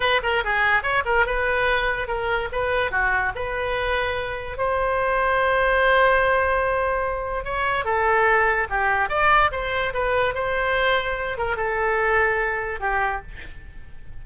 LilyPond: \new Staff \with { instrumentName = "oboe" } { \time 4/4 \tempo 4 = 145 b'8 ais'8 gis'4 cis''8 ais'8 b'4~ | b'4 ais'4 b'4 fis'4 | b'2. c''4~ | c''1~ |
c''2 cis''4 a'4~ | a'4 g'4 d''4 c''4 | b'4 c''2~ c''8 ais'8 | a'2. g'4 | }